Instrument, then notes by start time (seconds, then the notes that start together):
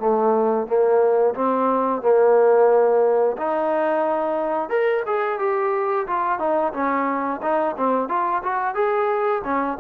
trombone
0.00 A3
0.67 A#3
1.35 C4
2.02 A#3
3.38 D#4
4.70 A#4
5.07 G#4
5.39 G4
6.08 F4
6.39 D#4
6.74 C#4
7.43 D#4
7.77 C4
8.09 F4
8.44 F#4
8.75 G#4
9.45 C#4